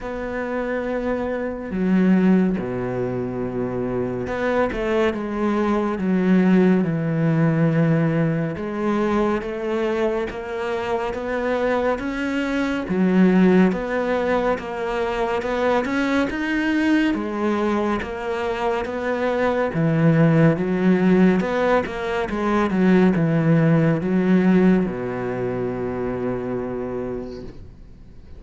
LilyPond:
\new Staff \with { instrumentName = "cello" } { \time 4/4 \tempo 4 = 70 b2 fis4 b,4~ | b,4 b8 a8 gis4 fis4 | e2 gis4 a4 | ais4 b4 cis'4 fis4 |
b4 ais4 b8 cis'8 dis'4 | gis4 ais4 b4 e4 | fis4 b8 ais8 gis8 fis8 e4 | fis4 b,2. | }